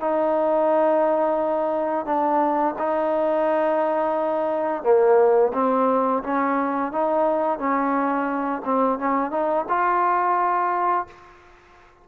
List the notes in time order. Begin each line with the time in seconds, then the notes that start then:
0.00 D#4
2.05 D4
2.78 D#4
4.83 A#3
5.53 C4
6.23 C#4
6.92 D#4
7.58 C#4
8.65 C4
8.98 C#4
9.31 D#4
9.69 F4